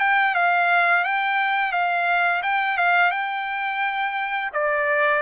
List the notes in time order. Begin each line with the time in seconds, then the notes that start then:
0.00 G5
0.35 F5
1.04 G5
1.72 F5
2.43 G5
2.77 F5
3.11 G5
4.53 D5